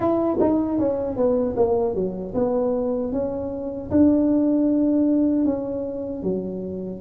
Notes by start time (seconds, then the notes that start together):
0.00 E4
0.40 D#4
0.79 C#4
1.16 B3
1.56 A#3
1.94 F#3
2.34 B3
3.12 C#4
3.90 D4
5.45 C#4
6.22 F#3